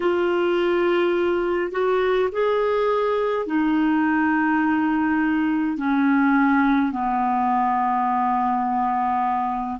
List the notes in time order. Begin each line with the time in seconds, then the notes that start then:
0.00 F4
1.71 F#4
2.31 G#4
3.46 D#4
5.77 C#4
6.91 B3